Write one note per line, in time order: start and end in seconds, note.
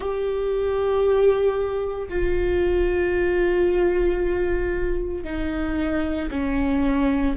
0.00 2.08 G4
2.08 5.23 F4
5.23 6.29 D#4
6.30 7.35 C#4